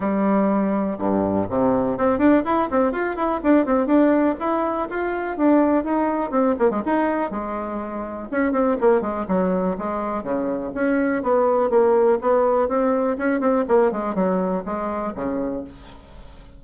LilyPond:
\new Staff \with { instrumentName = "bassoon" } { \time 4/4 \tempo 4 = 123 g2 g,4 c4 | c'8 d'8 e'8 c'8 f'8 e'8 d'8 c'8 | d'4 e'4 f'4 d'4 | dis'4 c'8 ais16 gis16 dis'4 gis4~ |
gis4 cis'8 c'8 ais8 gis8 fis4 | gis4 cis4 cis'4 b4 | ais4 b4 c'4 cis'8 c'8 | ais8 gis8 fis4 gis4 cis4 | }